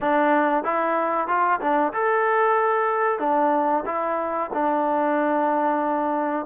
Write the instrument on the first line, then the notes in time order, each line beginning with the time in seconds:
trombone
0.00 D4
0.64 E4
1.27 F4
1.60 D4
1.93 A4
3.19 D4
3.85 E4
4.53 D4